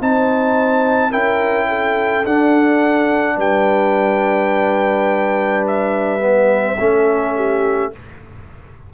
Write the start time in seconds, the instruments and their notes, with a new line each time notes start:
0.00 tuba C4, trombone D#4, horn C5, trumpet A5
1.10 tuba C#4, trombone E4, horn A#4, trumpet G5
1.69 horn A4
2.25 trombone D4, tuba D4, trumpet F#5
3.36 tuba G3, horn B4, trumpet G5
5.67 trumpet E5
6.20 trombone B3
6.79 tuba A3, trombone C#4, horn A4
7.35 horn G4